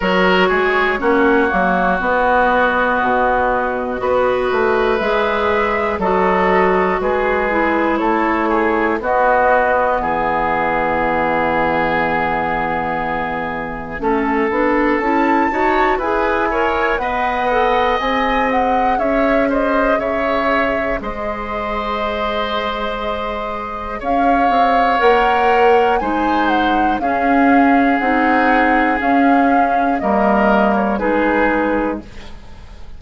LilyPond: <<
  \new Staff \with { instrumentName = "flute" } { \time 4/4 \tempo 4 = 60 cis''2 dis''2~ | dis''4 e''4 dis''4 b'4 | cis''4 dis''4 e''2~ | e''2. a''4 |
gis''4 fis''4 gis''8 fis''8 e''8 dis''8 | e''4 dis''2. | f''4 fis''4 gis''8 fis''8 f''4 | fis''4 f''4 dis''8. cis''16 b'4 | }
  \new Staff \with { instrumentName = "oboe" } { \time 4/4 ais'8 gis'8 fis'2. | b'2 a'4 gis'4 | a'8 gis'8 fis'4 gis'2~ | gis'2 a'4. cis''8 |
b'8 cis''8 dis''2 cis''8 c''8 | cis''4 c''2. | cis''2 c''4 gis'4~ | gis'2 ais'4 gis'4 | }
  \new Staff \with { instrumentName = "clarinet" } { \time 4/4 fis'4 cis'8 ais8 b2 | fis'4 gis'4 fis'4. e'8~ | e'4 b2.~ | b2 cis'8 d'8 e'8 fis'8 |
gis'8 ais'8 b'8 a'8 gis'2~ | gis'1~ | gis'4 ais'4 dis'4 cis'4 | dis'4 cis'4 ais4 dis'4 | }
  \new Staff \with { instrumentName = "bassoon" } { \time 4/4 fis8 gis8 ais8 fis8 b4 b,4 | b8 a8 gis4 fis4 gis4 | a4 b4 e2~ | e2 a8 b8 cis'8 dis'8 |
e'4 b4 c'4 cis'4 | cis4 gis2. | cis'8 c'8 ais4 gis4 cis'4 | c'4 cis'4 g4 gis4 | }
>>